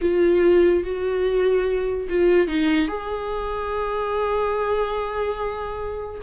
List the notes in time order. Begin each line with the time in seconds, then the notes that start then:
0.01 F4
0.83 F#4
2.09 F4
2.47 D#4
2.87 G#4